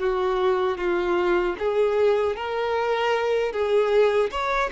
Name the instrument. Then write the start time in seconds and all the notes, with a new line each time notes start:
violin
0.00 F#4
0.78 F4
1.59 G#4
2.36 A#4
3.53 G#4
4.31 C#5